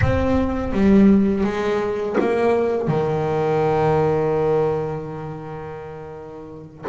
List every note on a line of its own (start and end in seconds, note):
0.01 0.72 C4
0.72 1.44 G3
1.44 2.16 G#3
2.19 2.87 A#3
2.87 6.85 D#3